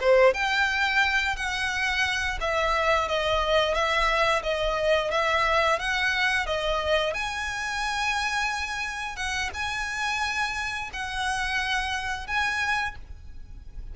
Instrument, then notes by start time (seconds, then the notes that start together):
violin
0.00 C5
0.34 G5
1.36 F#5
2.40 E5
3.08 D#5
3.74 E5
4.43 D#5
5.11 E5
5.79 F#5
6.46 D#5
7.14 G#5
9.16 F#5
9.54 G#5
10.93 F#5
12.27 G#5